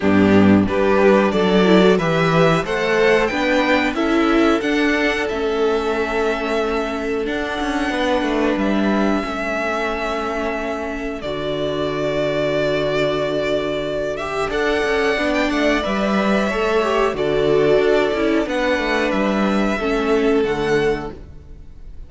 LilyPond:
<<
  \new Staff \with { instrumentName = "violin" } { \time 4/4 \tempo 4 = 91 g'4 b'4 d''4 e''4 | fis''4 g''4 e''4 fis''4 | e''2. fis''4~ | fis''4 e''2.~ |
e''4 d''2.~ | d''4. e''8 fis''4~ fis''16 g''16 fis''8 | e''2 d''2 | fis''4 e''2 fis''4 | }
  \new Staff \with { instrumentName = "violin" } { \time 4/4 d'4 g'4 a'4 b'4 | c''4 b'4 a'2~ | a'1 | b'2 a'2~ |
a'1~ | a'2 d''2~ | d''4 cis''4 a'2 | b'2 a'2 | }
  \new Staff \with { instrumentName = "viola" } { \time 4/4 b4 d'4. e'16 fis'16 g'4 | a'4 d'4 e'4 d'4 | cis'2. d'4~ | d'2 cis'2~ |
cis'4 fis'2.~ | fis'4. g'8 a'4 d'4 | b'4 a'8 g'8 fis'4. e'8 | d'2 cis'4 a4 | }
  \new Staff \with { instrumentName = "cello" } { \time 4/4 g,4 g4 fis4 e4 | a4 b4 cis'4 d'4 | a2. d'8 cis'8 | b8 a8 g4 a2~ |
a4 d2.~ | d2 d'8 cis'8 b8 a8 | g4 a4 d4 d'8 cis'8 | b8 a8 g4 a4 d4 | }
>>